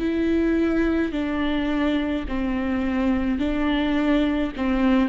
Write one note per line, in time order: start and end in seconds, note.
0.00 1.12 E4
1.12 2.25 D4
2.28 3.39 C4
3.39 4.52 D4
4.56 5.08 C4